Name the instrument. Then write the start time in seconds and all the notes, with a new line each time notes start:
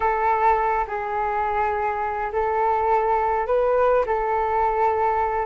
flute
0.00 A4
0.87 G#4
2.32 A4
3.46 B4
4.05 A4